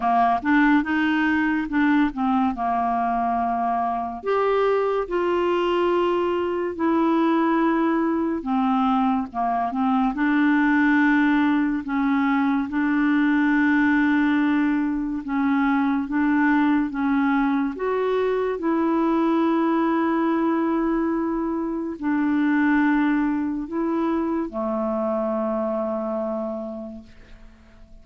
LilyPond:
\new Staff \with { instrumentName = "clarinet" } { \time 4/4 \tempo 4 = 71 ais8 d'8 dis'4 d'8 c'8 ais4~ | ais4 g'4 f'2 | e'2 c'4 ais8 c'8 | d'2 cis'4 d'4~ |
d'2 cis'4 d'4 | cis'4 fis'4 e'2~ | e'2 d'2 | e'4 a2. | }